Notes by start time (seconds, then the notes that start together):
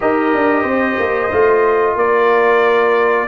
0.00 D#4 G4 A#4 D#5
0.34 D4
0.62 C4 C5
0.98 A#3
1.32 A3 F4
1.95 A#3 A#4 D5